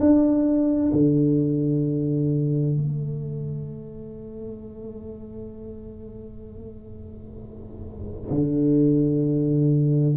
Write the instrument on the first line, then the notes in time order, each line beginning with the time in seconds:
tuba
0.00 D4
0.93 D3
2.77 A3
8.31 D3